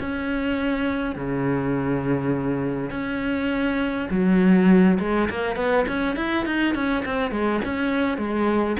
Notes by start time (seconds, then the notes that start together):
0.00 C#4
1.16 C#3
2.90 C#4
4.10 F#3
4.99 G#3
5.30 A#3
5.56 B3
5.88 C#4
6.16 E4
6.46 D#4
6.75 C#4
7.05 C4
7.31 G#3
7.65 C#4
8.18 G#3